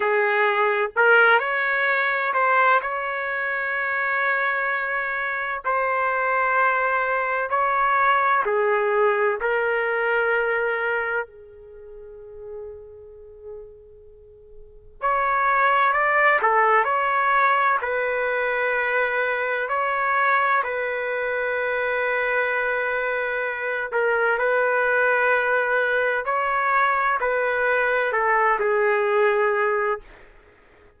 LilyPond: \new Staff \with { instrumentName = "trumpet" } { \time 4/4 \tempo 4 = 64 gis'4 ais'8 cis''4 c''8 cis''4~ | cis''2 c''2 | cis''4 gis'4 ais'2 | gis'1 |
cis''4 d''8 a'8 cis''4 b'4~ | b'4 cis''4 b'2~ | b'4. ais'8 b'2 | cis''4 b'4 a'8 gis'4. | }